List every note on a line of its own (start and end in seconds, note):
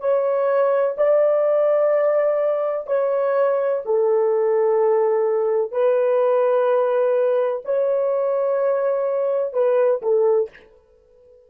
0.00 0.95 C#5
0.97 2.87 D5
2.87 3.82 C#5
3.86 5.72 A4
5.72 7.62 B4
7.65 9.54 C#5
9.54 10.01 B4
10.02 10.50 A4